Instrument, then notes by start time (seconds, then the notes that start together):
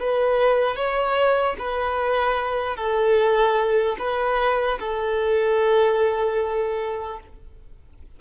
violin
0.00 B4
0.76 C#5
1.59 B4
2.77 A4
3.99 B4
4.80 A4